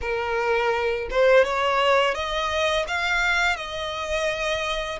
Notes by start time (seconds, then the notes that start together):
0.01 A#4
1.10 C5
1.44 C#5
2.14 D#5
2.87 F5
3.56 D#5